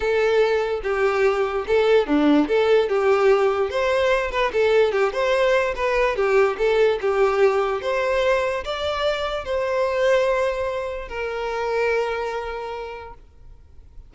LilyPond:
\new Staff \with { instrumentName = "violin" } { \time 4/4 \tempo 4 = 146 a'2 g'2 | a'4 d'4 a'4 g'4~ | g'4 c''4. b'8 a'4 | g'8 c''4. b'4 g'4 |
a'4 g'2 c''4~ | c''4 d''2 c''4~ | c''2. ais'4~ | ais'1 | }